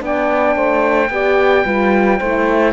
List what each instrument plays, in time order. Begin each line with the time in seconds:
0.00 cello B3, horn D4, saxophone D5, oboe G5
0.55 cello A3, saxophone C5
1.10 cello B3, horn G4, saxophone D5
1.65 cello G3, horn F4, saxophone B4
2.18 cello A3, horn E4, saxophone C5